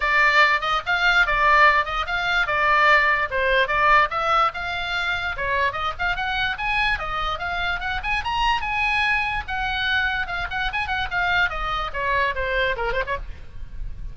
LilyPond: \new Staff \with { instrumentName = "oboe" } { \time 4/4 \tempo 4 = 146 d''4. dis''8 f''4 d''4~ | d''8 dis''8 f''4 d''2 | c''4 d''4 e''4 f''4~ | f''4 cis''4 dis''8 f''8 fis''4 |
gis''4 dis''4 f''4 fis''8 gis''8 | ais''4 gis''2 fis''4~ | fis''4 f''8 fis''8 gis''8 fis''8 f''4 | dis''4 cis''4 c''4 ais'8 c''16 cis''16 | }